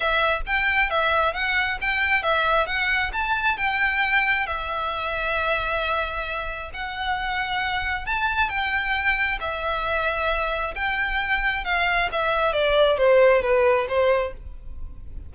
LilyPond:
\new Staff \with { instrumentName = "violin" } { \time 4/4 \tempo 4 = 134 e''4 g''4 e''4 fis''4 | g''4 e''4 fis''4 a''4 | g''2 e''2~ | e''2. fis''4~ |
fis''2 a''4 g''4~ | g''4 e''2. | g''2 f''4 e''4 | d''4 c''4 b'4 c''4 | }